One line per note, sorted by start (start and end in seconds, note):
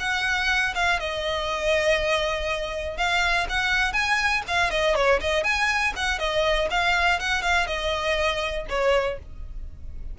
0.00 0.74 F#5
0.75 1.00 F5
1.00 2.98 D#5
2.98 3.47 F5
3.50 3.93 F#5
3.93 4.43 G#5
4.48 4.71 F5
4.71 4.96 D#5
4.96 5.21 C#5
5.21 5.44 D#5
5.44 5.94 G#5
5.96 6.19 F#5
6.19 6.69 D#5
6.71 7.20 F5
7.20 7.42 F#5
7.42 7.67 F5
7.67 8.67 D#5
8.70 9.19 C#5